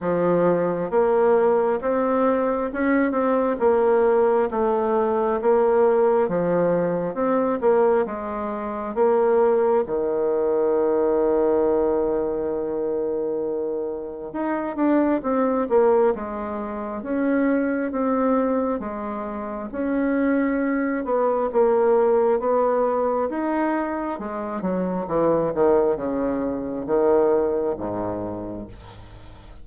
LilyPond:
\new Staff \with { instrumentName = "bassoon" } { \time 4/4 \tempo 4 = 67 f4 ais4 c'4 cis'8 c'8 | ais4 a4 ais4 f4 | c'8 ais8 gis4 ais4 dis4~ | dis1 |
dis'8 d'8 c'8 ais8 gis4 cis'4 | c'4 gis4 cis'4. b8 | ais4 b4 dis'4 gis8 fis8 | e8 dis8 cis4 dis4 gis,4 | }